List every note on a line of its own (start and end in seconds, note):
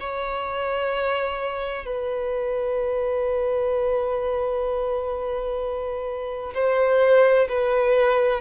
0.00 1.85 C#5
1.85 6.54 B4
6.54 7.48 C5
7.49 8.41 B4